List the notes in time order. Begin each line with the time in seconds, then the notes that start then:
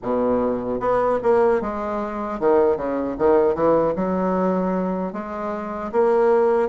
0.02 B2
0.79 B3
1.22 A#3
1.61 G#3
2.39 D#3
2.76 C#3
3.18 D#3
3.54 E3
3.95 F#3
5.12 G#3
5.92 A#3